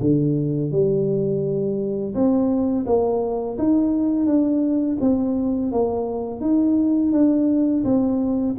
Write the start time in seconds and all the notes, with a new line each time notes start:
0.00 D3
0.71 G3
2.14 C4
2.86 A#3
3.58 D#4
4.26 D4
5.01 C4
5.72 A#3
6.41 D#4
7.12 D4
7.84 C4